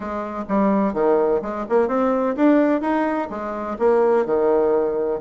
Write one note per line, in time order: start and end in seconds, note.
0.00 0.44 G#3
0.48 0.93 G3
0.93 1.40 D#3
1.42 1.65 G#3
1.69 1.88 A#3
1.88 2.35 C4
2.36 2.81 D4
2.81 3.28 D#4
3.29 3.77 G#3
3.79 4.25 A#3
4.25 5.20 D#3